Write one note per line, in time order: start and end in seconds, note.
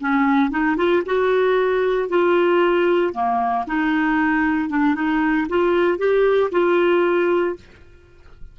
0.00 0.51 C#4
0.51 0.77 D#4
0.77 1.03 F4
1.06 2.09 F#4
2.09 3.13 F4
3.13 3.65 A#3
3.67 4.69 D#4
4.69 4.95 D4
4.95 5.47 D#4
5.49 5.98 F4
5.98 6.50 G4
6.51 7.56 F4